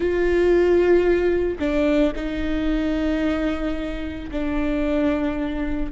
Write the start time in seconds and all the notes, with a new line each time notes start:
0.00 F4
1.59 D4
2.15 D#4
4.31 D4